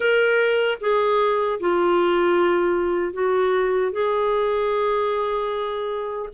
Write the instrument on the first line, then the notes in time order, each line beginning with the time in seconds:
clarinet
0.00 A#4
0.80 G#4
1.60 F4
3.13 F#4
3.92 G#4